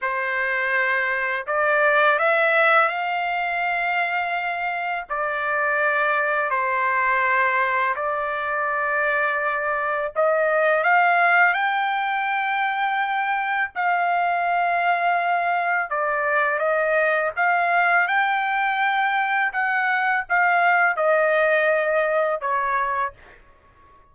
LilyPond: \new Staff \with { instrumentName = "trumpet" } { \time 4/4 \tempo 4 = 83 c''2 d''4 e''4 | f''2. d''4~ | d''4 c''2 d''4~ | d''2 dis''4 f''4 |
g''2. f''4~ | f''2 d''4 dis''4 | f''4 g''2 fis''4 | f''4 dis''2 cis''4 | }